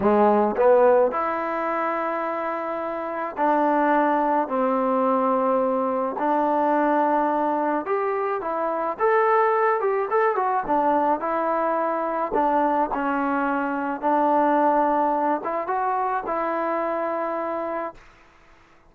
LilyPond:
\new Staff \with { instrumentName = "trombone" } { \time 4/4 \tempo 4 = 107 gis4 b4 e'2~ | e'2 d'2 | c'2. d'4~ | d'2 g'4 e'4 |
a'4. g'8 a'8 fis'8 d'4 | e'2 d'4 cis'4~ | cis'4 d'2~ d'8 e'8 | fis'4 e'2. | }